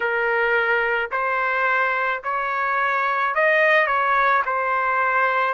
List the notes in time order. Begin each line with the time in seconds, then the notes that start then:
0.00 A#4
1.11 C5
2.23 C#5
3.34 D#5
3.86 C#5
4.45 C5